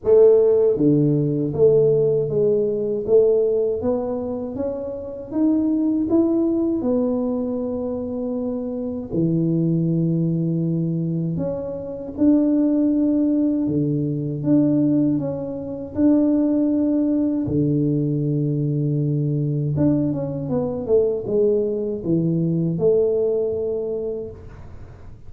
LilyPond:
\new Staff \with { instrumentName = "tuba" } { \time 4/4 \tempo 4 = 79 a4 d4 a4 gis4 | a4 b4 cis'4 dis'4 | e'4 b2. | e2. cis'4 |
d'2 d4 d'4 | cis'4 d'2 d4~ | d2 d'8 cis'8 b8 a8 | gis4 e4 a2 | }